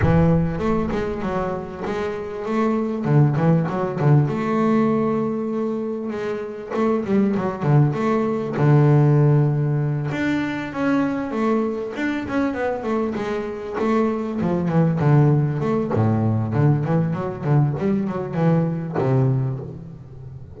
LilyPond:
\new Staff \with { instrumentName = "double bass" } { \time 4/4 \tempo 4 = 98 e4 a8 gis8 fis4 gis4 | a4 d8 e8 fis8 d8 a4~ | a2 gis4 a8 g8 | fis8 d8 a4 d2~ |
d8 d'4 cis'4 a4 d'8 | cis'8 b8 a8 gis4 a4 f8 | e8 d4 a8 a,4 d8 e8 | fis8 d8 g8 fis8 e4 c4 | }